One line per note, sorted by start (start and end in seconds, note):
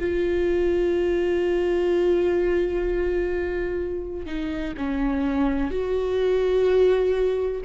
0.00 4.26 F4
4.26 4.74 D#4
4.77 5.71 C#4
5.71 7.61 F#4